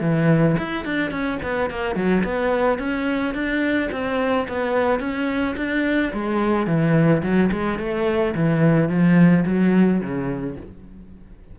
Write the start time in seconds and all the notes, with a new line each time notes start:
0.00 E3
0.58 E4
0.85 D4
1.11 C#4
1.42 B3
1.70 A#3
1.95 F#3
2.23 B3
2.78 C#4
3.34 D4
3.91 C4
4.48 B3
4.99 C#4
5.56 D4
6.13 G#3
6.66 E3
7.22 F#3
7.52 G#3
7.78 A3
8.34 E3
8.89 F3
9.45 F#3
10.01 C#3